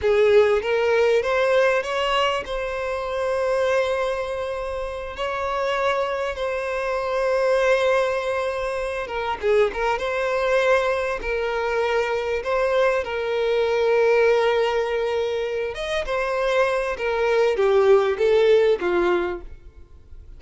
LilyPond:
\new Staff \with { instrumentName = "violin" } { \time 4/4 \tempo 4 = 99 gis'4 ais'4 c''4 cis''4 | c''1~ | c''8 cis''2 c''4.~ | c''2. ais'8 gis'8 |
ais'8 c''2 ais'4.~ | ais'8 c''4 ais'2~ ais'8~ | ais'2 dis''8 c''4. | ais'4 g'4 a'4 f'4 | }